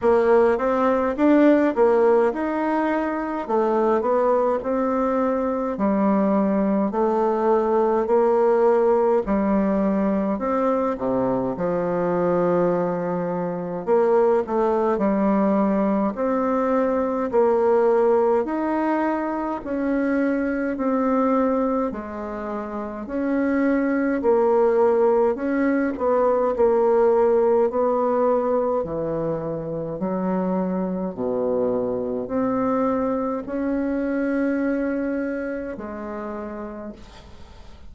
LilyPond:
\new Staff \with { instrumentName = "bassoon" } { \time 4/4 \tempo 4 = 52 ais8 c'8 d'8 ais8 dis'4 a8 b8 | c'4 g4 a4 ais4 | g4 c'8 c8 f2 | ais8 a8 g4 c'4 ais4 |
dis'4 cis'4 c'4 gis4 | cis'4 ais4 cis'8 b8 ais4 | b4 e4 fis4 b,4 | c'4 cis'2 gis4 | }